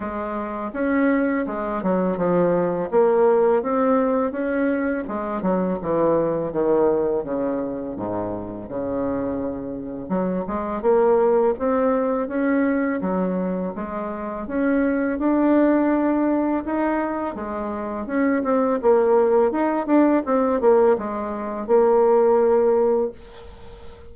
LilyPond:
\new Staff \with { instrumentName = "bassoon" } { \time 4/4 \tempo 4 = 83 gis4 cis'4 gis8 fis8 f4 | ais4 c'4 cis'4 gis8 fis8 | e4 dis4 cis4 gis,4 | cis2 fis8 gis8 ais4 |
c'4 cis'4 fis4 gis4 | cis'4 d'2 dis'4 | gis4 cis'8 c'8 ais4 dis'8 d'8 | c'8 ais8 gis4 ais2 | }